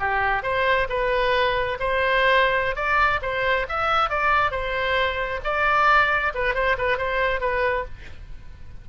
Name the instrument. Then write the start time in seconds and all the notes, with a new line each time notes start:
oboe
0.00 G4
0.43 C5
0.89 B4
1.80 C5
2.76 D5
3.22 C5
3.69 E5
4.10 D5
4.51 C5
5.44 D5
6.35 B4
6.55 C5
6.78 B4
6.98 C5
7.41 B4